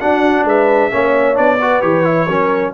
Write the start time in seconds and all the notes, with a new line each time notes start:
0.00 D4 F#4 F#5
0.44 G#3 B4 E5
0.91 A#3 C#4 C#5
1.34 B3 D4 D5
1.59 F#4 B4
1.81 E3 G4 C#5
2.04 E4
2.27 F#3 C#4 A#4